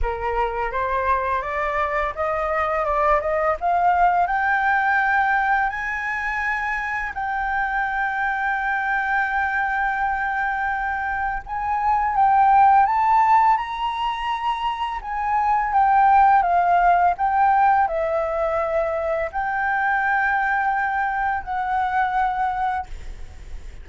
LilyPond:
\new Staff \with { instrumentName = "flute" } { \time 4/4 \tempo 4 = 84 ais'4 c''4 d''4 dis''4 | d''8 dis''8 f''4 g''2 | gis''2 g''2~ | g''1 |
gis''4 g''4 a''4 ais''4~ | ais''4 gis''4 g''4 f''4 | g''4 e''2 g''4~ | g''2 fis''2 | }